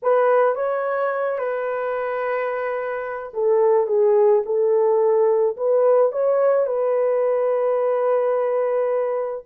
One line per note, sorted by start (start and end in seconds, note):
0.02 0.55 B4
0.55 1.38 C#5
1.38 3.32 B4
3.33 3.86 A4
3.86 4.42 G#4
4.45 5.56 A4
5.56 6.12 B4
6.12 6.66 C#5
6.66 9.44 B4